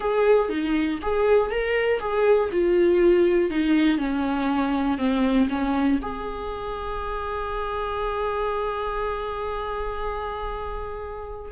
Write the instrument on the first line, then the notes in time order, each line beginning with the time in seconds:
viola
0.00 G#4
0.49 D#4
1.01 G#4
1.50 A#4
1.99 G#4
2.51 F4
3.50 D#4
3.97 C#4
4.97 C4
5.49 C#4
6.01 G#4